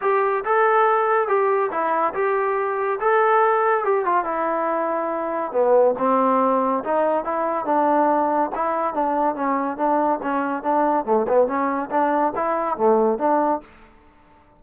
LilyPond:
\new Staff \with { instrumentName = "trombone" } { \time 4/4 \tempo 4 = 141 g'4 a'2 g'4 | e'4 g'2 a'4~ | a'4 g'8 f'8 e'2~ | e'4 b4 c'2 |
dis'4 e'4 d'2 | e'4 d'4 cis'4 d'4 | cis'4 d'4 a8 b8 cis'4 | d'4 e'4 a4 d'4 | }